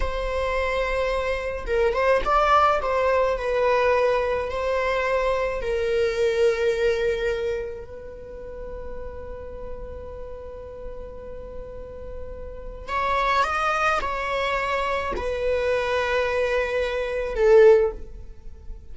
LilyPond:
\new Staff \with { instrumentName = "viola" } { \time 4/4 \tempo 4 = 107 c''2. ais'8 c''8 | d''4 c''4 b'2 | c''2 ais'2~ | ais'2 b'2~ |
b'1~ | b'2. cis''4 | dis''4 cis''2 b'4~ | b'2. a'4 | }